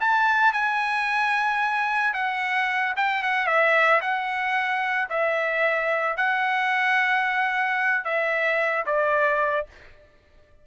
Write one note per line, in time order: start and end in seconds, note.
0.00 0.52 A5
0.52 2.13 G#5
2.13 2.93 F#5
2.96 3.22 G5
3.22 3.47 F#5
3.47 4.00 E5
4.01 5.08 F#5
5.09 6.16 E5
6.16 8.04 F#5
8.04 8.84 E5
8.85 9.66 D5